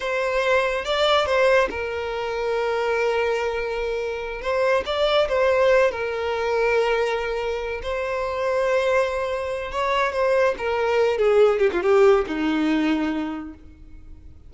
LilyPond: \new Staff \with { instrumentName = "violin" } { \time 4/4 \tempo 4 = 142 c''2 d''4 c''4 | ais'1~ | ais'2~ ais'8 c''4 d''8~ | d''8 c''4. ais'2~ |
ais'2~ ais'8 c''4.~ | c''2. cis''4 | c''4 ais'4. gis'4 g'16 f'16 | g'4 dis'2. | }